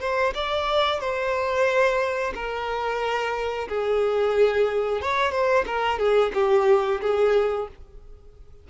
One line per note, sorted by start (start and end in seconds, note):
0.00 0.33 C5
0.34 1.00 D5
1.00 2.33 C5
2.35 3.68 A#4
3.68 5.02 G#4
5.02 5.31 C#5
5.31 5.65 C5
5.66 5.98 A#4
5.98 6.32 G#4
6.34 7.01 G4
7.01 7.68 G#4